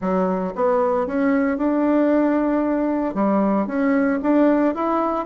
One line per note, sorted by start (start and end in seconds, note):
0.01 0.53 F#3
0.55 1.06 B3
1.06 1.57 C#4
1.57 3.14 D4
3.14 3.67 G3
3.67 4.19 C#4
4.22 4.74 D4
4.74 5.25 E4